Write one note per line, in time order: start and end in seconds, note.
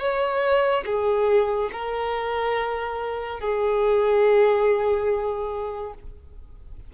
0.00 0.85 C#5
0.86 1.71 G#4
1.73 3.40 A#4
3.40 5.94 G#4